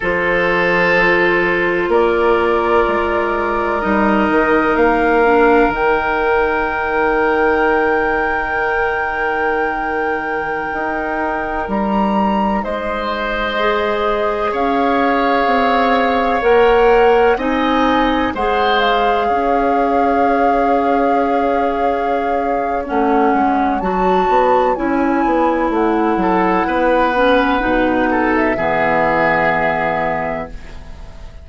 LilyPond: <<
  \new Staff \with { instrumentName = "flute" } { \time 4/4 \tempo 4 = 63 c''2 d''2 | dis''4 f''4 g''2~ | g''1~ | g''16 ais''4 dis''2 f''8.~ |
f''4~ f''16 fis''4 gis''4 fis''8 f''16~ | f''1 | fis''4 a''4 gis''4 fis''4~ | fis''4.~ fis''16 e''2~ e''16 | }
  \new Staff \with { instrumentName = "oboe" } { \time 4/4 a'2 ais'2~ | ais'1~ | ais'1~ | ais'4~ ais'16 c''2 cis''8.~ |
cis''2~ cis''16 dis''4 c''8.~ | c''16 cis''2.~ cis''8.~ | cis''2.~ cis''8 a'8 | b'4. a'8 gis'2 | }
  \new Staff \with { instrumentName = "clarinet" } { \time 4/4 f'1 | dis'4. d'8 dis'2~ | dis'1~ | dis'2~ dis'16 gis'4.~ gis'16~ |
gis'4~ gis'16 ais'4 dis'4 gis'8.~ | gis'1 | cis'4 fis'4 e'2~ | e'8 cis'8 dis'4 b2 | }
  \new Staff \with { instrumentName = "bassoon" } { \time 4/4 f2 ais4 gis4 | g8 dis8 ais4 dis2~ | dis2.~ dis16 dis'8.~ | dis'16 g4 gis2 cis'8.~ |
cis'16 c'4 ais4 c'4 gis8.~ | gis16 cis'2.~ cis'8. | a8 gis8 fis8 b8 cis'8 b8 a8 fis8 | b4 b,4 e2 | }
>>